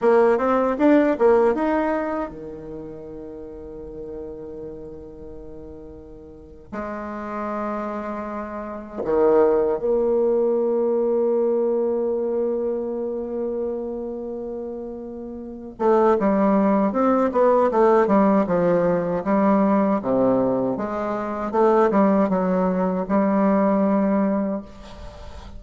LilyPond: \new Staff \with { instrumentName = "bassoon" } { \time 4/4 \tempo 4 = 78 ais8 c'8 d'8 ais8 dis'4 dis4~ | dis1~ | dis8. gis2. dis16~ | dis8. ais2.~ ais16~ |
ais1~ | ais8 a8 g4 c'8 b8 a8 g8 | f4 g4 c4 gis4 | a8 g8 fis4 g2 | }